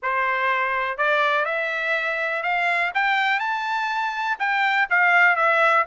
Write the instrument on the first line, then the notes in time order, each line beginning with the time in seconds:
trumpet
0.02 C5
0.97 D5
1.45 E5
2.43 F5
2.94 G5
3.39 A5
4.39 G5
4.89 F5
5.35 E5